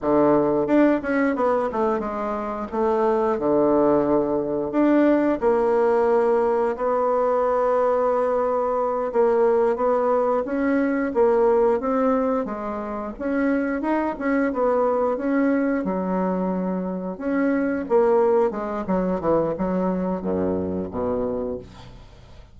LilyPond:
\new Staff \with { instrumentName = "bassoon" } { \time 4/4 \tempo 4 = 89 d4 d'8 cis'8 b8 a8 gis4 | a4 d2 d'4 | ais2 b2~ | b4. ais4 b4 cis'8~ |
cis'8 ais4 c'4 gis4 cis'8~ | cis'8 dis'8 cis'8 b4 cis'4 fis8~ | fis4. cis'4 ais4 gis8 | fis8 e8 fis4 fis,4 b,4 | }